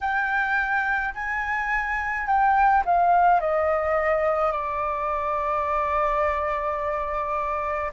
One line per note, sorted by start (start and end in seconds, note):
0.00 1.13 G5
1.14 2.26 G#5
2.26 2.83 G5
2.85 3.40 F5
3.40 4.51 D#5
4.51 7.91 D5